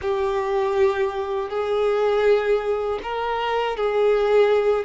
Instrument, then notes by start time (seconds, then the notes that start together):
violin
0.01 G4
1.49 G#4
3.02 A#4
3.76 G#4